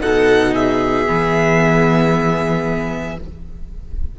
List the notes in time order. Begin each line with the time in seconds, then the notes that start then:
0.00 B2 D#4 A4 F#5
0.53 G#4 E5
1.06 E3 B3